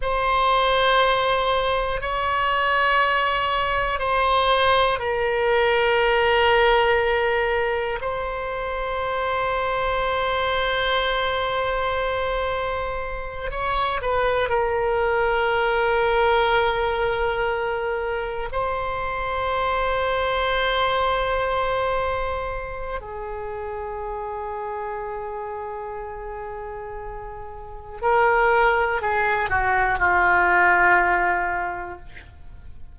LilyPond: \new Staff \with { instrumentName = "oboe" } { \time 4/4 \tempo 4 = 60 c''2 cis''2 | c''4 ais'2. | c''1~ | c''4. cis''8 b'8 ais'4.~ |
ais'2~ ais'8 c''4.~ | c''2. gis'4~ | gis'1 | ais'4 gis'8 fis'8 f'2 | }